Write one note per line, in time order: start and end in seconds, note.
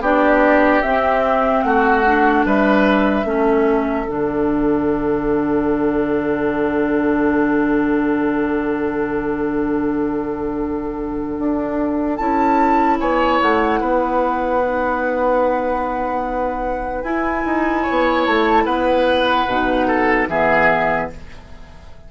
0.00 0.81 B3
0.00 0.83 D4
0.00 1.64 G4
0.00 0.82 D5
0.82 2.05 C4
0.82 1.64 C4
0.82 1.63 E5
1.63 2.45 A3
1.63 2.46 F#4
1.63 2.44 F#5
2.05 3.25 D4
2.45 3.24 G3
2.45 3.26 B4
2.45 4.09 E5
3.24 4.05 A3
3.24 4.06 C#4
3.24 12.99 A4
4.07 11.39 D3
4.07 12.18 D4
4.07 12.16 F#5
11.39 12.19 D4
12.16 13.00 C#4
12.16 14.62 E4
12.16 12.97 A5
13.00 13.40 B3
13.00 13.80 C#5
13.00 13.41 G#5
13.42 13.81 A3
13.42 17.03 F#5
13.80 17.03 B3
13.80 17.82 B4
14.62 17.04 D#4
17.03 17.44 E4
17.03 19.48 E4
17.03 18.25 G#5
17.45 17.86 D#4
17.82 18.64 C#5
17.90 18.27 B3
18.26 18.65 A3
18.26 18.65 A5
18.65 19.46 B3
18.65 19.87 B4
18.65 20.27 F#5
19.47 20.28 B2
19.47 20.29 D#4
19.87 20.28 A4
20.28 21.09 E3
20.28 21.10 B3
20.28 21.11 G#4
20.28 21.10 E5